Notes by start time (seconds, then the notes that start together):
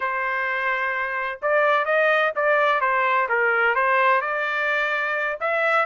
0.00 C5
1.41 D5
1.85 D#5
2.35 D5
2.81 C5
3.28 A#4
3.75 C5
4.21 D5
5.40 E5